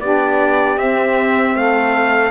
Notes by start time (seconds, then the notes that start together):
0.00 B3 D4 G4 D5
0.78 C4 E5
1.55 A3 A4 F5